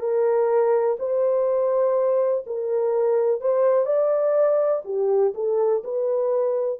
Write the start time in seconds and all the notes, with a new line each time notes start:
0.00 A#4
0.99 C5
2.46 A#4
3.41 C5
3.86 D5
4.85 G4
5.34 A4
5.84 B4